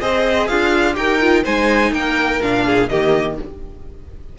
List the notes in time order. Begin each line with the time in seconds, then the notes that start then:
0.00 C4 G#4 C5 D#5
0.47 D4 F4 F5
0.94 D#4 G4 A#4 G5
1.21 F4
1.43 G#3 D#4 C5 G#5
1.91 A#3 A#4 G5
2.41 A#2 D4 F5
2.65 G#4
2.88 D#3 A#3 G4 D#5